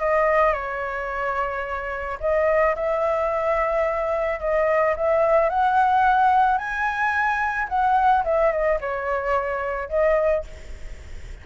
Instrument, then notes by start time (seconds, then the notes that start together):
flute
0.00 D#5
0.53 C#5
2.20 D#5
2.75 E5
4.40 D#5
4.96 E5
5.49 F#5
6.58 G#5
7.69 F#5
8.24 E5
8.52 D#5
8.81 C#5
9.89 D#5